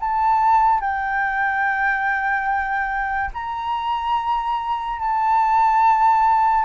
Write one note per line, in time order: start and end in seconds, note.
0.00 0.80 A5
0.80 3.30 G5
3.34 4.99 A#5
4.99 6.65 A5